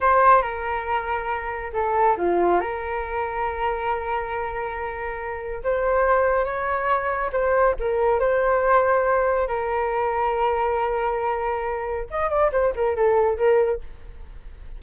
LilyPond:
\new Staff \with { instrumentName = "flute" } { \time 4/4 \tempo 4 = 139 c''4 ais'2. | a'4 f'4 ais'2~ | ais'1~ | ais'4 c''2 cis''4~ |
cis''4 c''4 ais'4 c''4~ | c''2 ais'2~ | ais'1 | dis''8 d''8 c''8 ais'8 a'4 ais'4 | }